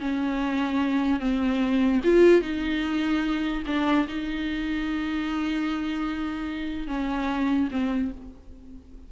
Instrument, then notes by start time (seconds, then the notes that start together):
viola
0.00 C#4
1.20 C4
2.04 F4
2.42 D#4
3.67 D4
4.08 D#4
6.88 C#4
7.71 C4